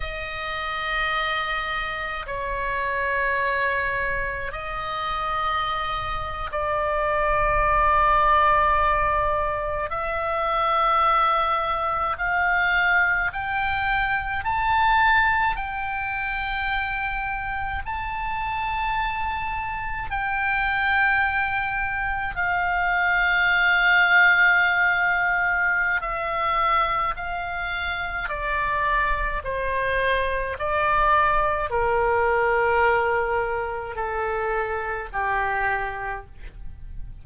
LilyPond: \new Staff \with { instrumentName = "oboe" } { \time 4/4 \tempo 4 = 53 dis''2 cis''2 | dis''4.~ dis''16 d''2~ d''16~ | d''8. e''2 f''4 g''16~ | g''8. a''4 g''2 a''16~ |
a''4.~ a''16 g''2 f''16~ | f''2. e''4 | f''4 d''4 c''4 d''4 | ais'2 a'4 g'4 | }